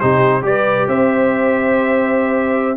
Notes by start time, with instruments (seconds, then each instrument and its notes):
0.00 tuba C3, trombone D#4, horn G4, trumpet C5
0.42 tuba G3, trombone G4, horn B4, trumpet D5
0.88 tuba C4, horn C5, trumpet E5